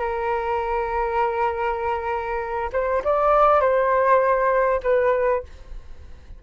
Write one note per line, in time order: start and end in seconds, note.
0.00 2.70 A#4
2.73 3.03 C5
3.04 3.61 D5
3.61 4.81 C5
4.83 5.43 B4